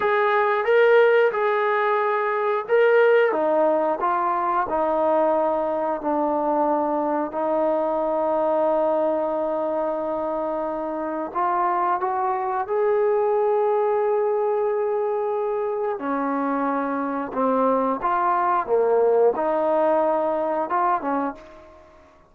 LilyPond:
\new Staff \with { instrumentName = "trombone" } { \time 4/4 \tempo 4 = 90 gis'4 ais'4 gis'2 | ais'4 dis'4 f'4 dis'4~ | dis'4 d'2 dis'4~ | dis'1~ |
dis'4 f'4 fis'4 gis'4~ | gis'1 | cis'2 c'4 f'4 | ais4 dis'2 f'8 cis'8 | }